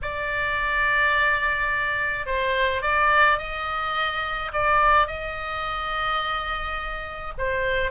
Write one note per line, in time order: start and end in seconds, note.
0.02 2.26 D5
2.26 2.82 C5
2.82 3.38 D5
3.38 4.51 D#5
4.52 5.07 D5
5.07 7.33 D#5
7.37 7.91 C5